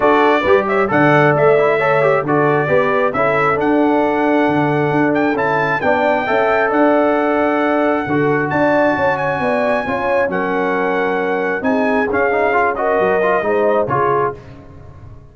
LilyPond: <<
  \new Staff \with { instrumentName = "trumpet" } { \time 4/4 \tempo 4 = 134 d''4. e''8 fis''4 e''4~ | e''4 d''2 e''4 | fis''2.~ fis''8 g''8 | a''4 g''2 fis''4~ |
fis''2. a''4~ | a''8 gis''2~ gis''8 fis''4~ | fis''2 gis''4 f''4~ | f''8 dis''2~ dis''8 cis''4 | }
  \new Staff \with { instrumentName = "horn" } { \time 4/4 a'4 b'8 cis''8 d''2 | cis''4 a'4 b'4 a'4~ | a'1~ | a'4 d''4 e''4 d''4~ |
d''2 a'4 d''4 | cis''4 d''4 cis''4 ais'4~ | ais'2 gis'2~ | gis'8 ais'4. c''4 gis'4 | }
  \new Staff \with { instrumentName = "trombone" } { \time 4/4 fis'4 g'4 a'4. e'8 | a'8 g'8 fis'4 g'4 e'4 | d'1 | e'4 d'4 a'2~ |
a'2 fis'2~ | fis'2 f'4 cis'4~ | cis'2 dis'4 cis'8 dis'8 | f'8 fis'4 f'8 dis'4 f'4 | }
  \new Staff \with { instrumentName = "tuba" } { \time 4/4 d'4 g4 d4 a4~ | a4 d4 b4 cis'4 | d'2 d4 d'4 | cis'4 b4 cis'4 d'4~ |
d'2 d4 d'4 | cis'4 b4 cis'4 fis4~ | fis2 c'4 cis'4~ | cis'4 fis4 gis4 cis4 | }
>>